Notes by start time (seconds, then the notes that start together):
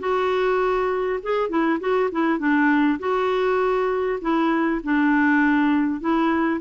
0.00 F#4
1.23 G#4
1.49 E4
1.80 F#4
2.12 E4
2.39 D4
3.00 F#4
4.22 E4
4.84 D4
6.01 E4